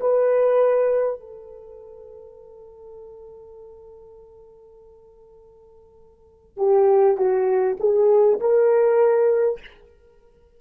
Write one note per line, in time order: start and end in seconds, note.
0.00 1.20 B4
1.20 6.57 A4
6.57 7.17 G4
7.17 7.77 F#4
7.80 8.40 G#4
8.40 9.60 A#4